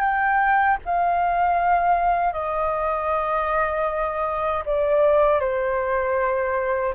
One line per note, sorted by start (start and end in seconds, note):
0.00 0.77 G5
0.85 2.33 F5
2.33 4.64 D#5
4.66 5.40 D5
5.40 6.94 C5